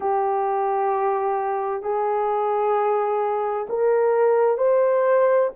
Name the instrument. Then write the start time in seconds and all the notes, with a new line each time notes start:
horn
0.00 G4
1.82 G#4
3.69 A#4
4.57 C5